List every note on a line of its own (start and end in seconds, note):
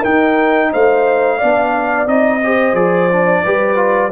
0.00 0.72 D#4
0.00 1.41 D#4
0.00 0.68 A#4
0.00 0.72 G5
0.72 1.42 A3
0.72 1.37 C5
0.72 2.07 F5
1.37 2.06 B3
1.37 2.06 D4
1.37 2.39 D5
2.06 2.73 C4
2.06 2.40 D#4
2.06 2.75 D#5
2.43 2.75 G4
2.43 3.44 C5
2.73 3.41 F3
2.73 3.09 G#4
2.73 4.11 D5
3.11 3.45 D4
3.44 4.12 G3
3.44 3.76 G4
3.44 4.12 B4
3.76 4.10 F4